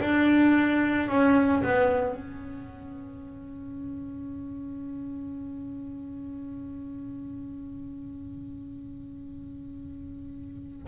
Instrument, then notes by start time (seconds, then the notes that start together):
double bass
0.00 D4
1.09 C#4
1.64 B3
2.15 C#4